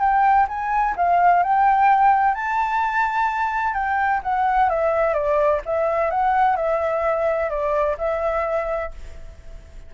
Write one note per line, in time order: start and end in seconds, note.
0.00 0.47 G5
0.48 0.95 G#5
0.97 1.43 F5
1.43 2.35 G5
2.35 3.74 A5
3.74 4.21 G5
4.23 4.70 F#5
4.70 5.14 E5
5.14 5.61 D5
5.65 6.11 E5
6.11 6.56 F#5
6.56 7.50 E5
7.50 7.97 D5
7.98 8.92 E5